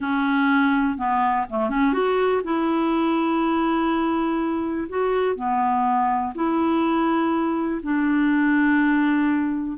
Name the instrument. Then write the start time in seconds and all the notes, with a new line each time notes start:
clarinet
0.00 C#4
0.97 B3
1.49 A3
1.69 C#4
1.93 F#4
2.44 E4
4.88 F#4
5.35 B3
6.34 E4
7.82 D4